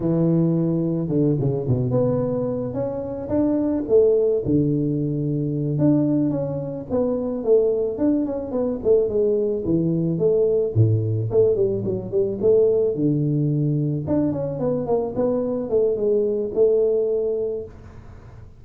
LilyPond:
\new Staff \with { instrumentName = "tuba" } { \time 4/4 \tempo 4 = 109 e2 d8 cis8 b,8 b8~ | b4 cis'4 d'4 a4 | d2~ d8 d'4 cis'8~ | cis'8 b4 a4 d'8 cis'8 b8 |
a8 gis4 e4 a4 a,8~ | a,8 a8 g8 fis8 g8 a4 d8~ | d4. d'8 cis'8 b8 ais8 b8~ | b8 a8 gis4 a2 | }